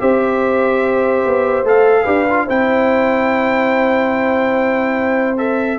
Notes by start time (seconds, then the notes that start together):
0.00 C4 G4 C5 E5
1.26 B3
1.64 A3 A4 F5
2.03 D4 G4 B4
2.30 F4
2.45 C4 E4 C5 G5
5.38 A4 E5